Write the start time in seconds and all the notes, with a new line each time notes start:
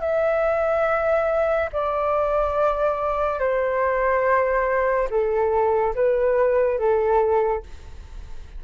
0.00 E5
1.72 D5
3.39 C5
5.10 A4
5.95 B4
6.78 A4